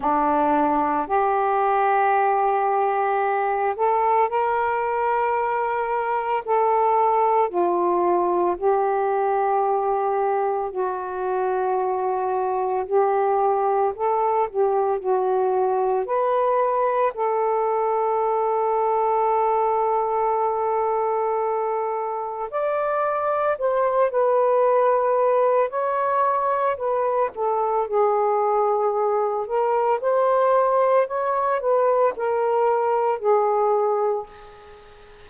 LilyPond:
\new Staff \with { instrumentName = "saxophone" } { \time 4/4 \tempo 4 = 56 d'4 g'2~ g'8 a'8 | ais'2 a'4 f'4 | g'2 fis'2 | g'4 a'8 g'8 fis'4 b'4 |
a'1~ | a'4 d''4 c''8 b'4. | cis''4 b'8 a'8 gis'4. ais'8 | c''4 cis''8 b'8 ais'4 gis'4 | }